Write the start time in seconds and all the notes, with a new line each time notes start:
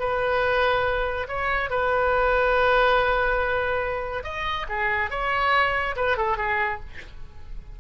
0.00 B4
1.28 C#5
1.71 B4
4.24 D#5
4.69 G#4
5.11 C#5
5.96 B4
6.18 A4
6.38 G#4